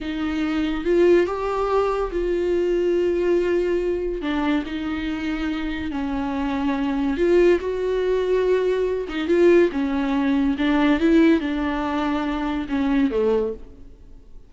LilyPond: \new Staff \with { instrumentName = "viola" } { \time 4/4 \tempo 4 = 142 dis'2 f'4 g'4~ | g'4 f'2.~ | f'2 d'4 dis'4~ | dis'2 cis'2~ |
cis'4 f'4 fis'2~ | fis'4. dis'8 f'4 cis'4~ | cis'4 d'4 e'4 d'4~ | d'2 cis'4 a4 | }